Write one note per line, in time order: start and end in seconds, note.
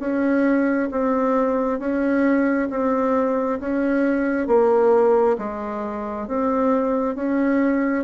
0.00 0.90 C#4
0.92 1.80 C4
1.80 2.69 C#4
2.70 3.60 C4
3.60 4.48 C#4
4.48 5.37 A#3
5.39 6.28 G#3
6.28 7.16 C4
7.16 8.05 C#4